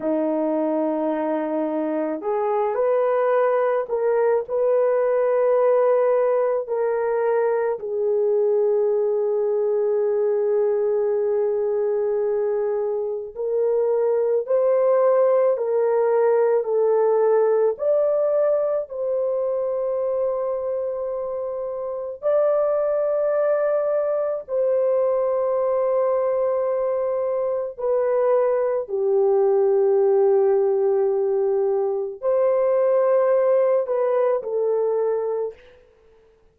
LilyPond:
\new Staff \with { instrumentName = "horn" } { \time 4/4 \tempo 4 = 54 dis'2 gis'8 b'4 ais'8 | b'2 ais'4 gis'4~ | gis'1 | ais'4 c''4 ais'4 a'4 |
d''4 c''2. | d''2 c''2~ | c''4 b'4 g'2~ | g'4 c''4. b'8 a'4 | }